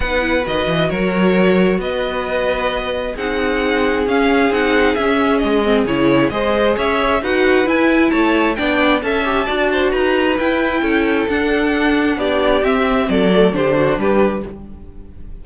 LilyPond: <<
  \new Staff \with { instrumentName = "violin" } { \time 4/4 \tempo 4 = 133 fis''4 dis''4 cis''2 | dis''2. fis''4~ | fis''4 f''4 fis''4 e''4 | dis''4 cis''4 dis''4 e''4 |
fis''4 gis''4 a''4 g''4 | a''2 ais''4 g''4~ | g''4 fis''2 d''4 | e''4 d''4 c''4 b'4 | }
  \new Staff \with { instrumentName = "violin" } { \time 4/4 b'2 ais'2 | b'2. gis'4~ | gis'1~ | gis'2 c''4 cis''4 |
b'2 cis''4 d''4 | e''4 d''8 c''8 b'2 | a'2. g'4~ | g'4 a'4 g'8 fis'8 g'4 | }
  \new Staff \with { instrumentName = "viola" } { \time 4/4 dis'8 e'8 fis'2.~ | fis'2. dis'4~ | dis'4 cis'4 dis'4 cis'4~ | cis'8 c'8 e'4 gis'2 |
fis'4 e'2 d'4 | a'8 g'8 fis'2 e'4~ | e'4 d'2. | c'4. a8 d'2 | }
  \new Staff \with { instrumentName = "cello" } { \time 4/4 b4 dis8 e8 fis2 | b2. c'4~ | c'4 cis'4 c'4 cis'4 | gis4 cis4 gis4 cis'4 |
dis'4 e'4 a4 b4 | cis'4 d'4 dis'4 e'4 | cis'4 d'2 b4 | c'4 fis4 d4 g4 | }
>>